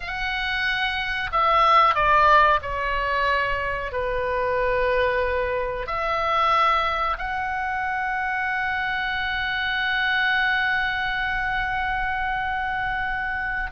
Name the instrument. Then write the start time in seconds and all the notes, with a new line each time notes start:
oboe
0.00 F#5
1.32 E5
1.94 D5
2.61 C#5
3.92 B4
5.86 E5
7.18 F#5